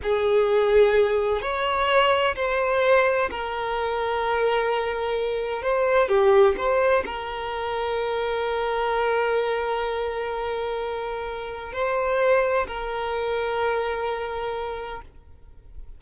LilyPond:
\new Staff \with { instrumentName = "violin" } { \time 4/4 \tempo 4 = 128 gis'2. cis''4~ | cis''4 c''2 ais'4~ | ais'1 | c''4 g'4 c''4 ais'4~ |
ais'1~ | ais'1~ | ais'4 c''2 ais'4~ | ais'1 | }